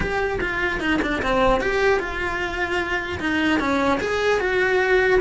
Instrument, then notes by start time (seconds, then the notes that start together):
cello
0.00 G4
0.40 F4
0.80 D#4
1.01 D4
1.22 C4
1.60 G4
1.99 F4
3.20 D#4
3.59 C#4
4.00 G#4
4.40 F#4